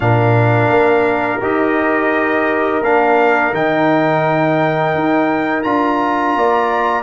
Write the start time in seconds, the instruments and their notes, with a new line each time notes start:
0.00 tuba A#2, trombone D4, horn A#4, trumpet F5
0.69 tuba A#3
1.40 tuba D#4, trombone G4, trumpet D#5
2.81 tuba A#3, trombone D4, trumpet F5
3.52 tuba D#3, trombone D#4, trumpet G5
4.94 tuba D#4
5.62 tuba D4, trombone F4, trumpet A#5
6.35 tuba A#3, horn D5